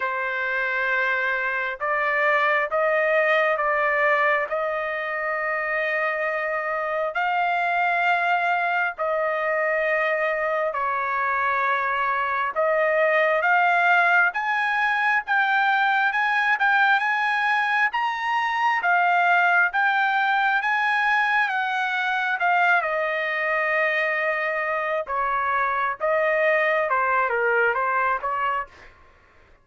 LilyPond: \new Staff \with { instrumentName = "trumpet" } { \time 4/4 \tempo 4 = 67 c''2 d''4 dis''4 | d''4 dis''2. | f''2 dis''2 | cis''2 dis''4 f''4 |
gis''4 g''4 gis''8 g''8 gis''4 | ais''4 f''4 g''4 gis''4 | fis''4 f''8 dis''2~ dis''8 | cis''4 dis''4 c''8 ais'8 c''8 cis''8 | }